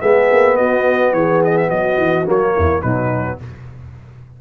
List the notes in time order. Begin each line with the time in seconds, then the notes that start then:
0.00 G#3 B3 G#4 E5
0.31 A#3
0.56 B3 F#4 D#5
1.12 E3 G#4 C#5
1.44 D#5
1.57 E5
1.69 F#3 F#4 D#5
1.97 E3
2.26 F#3 A#3 C#5
2.55 E2 E4
2.81 B2 F#3 D#4 B4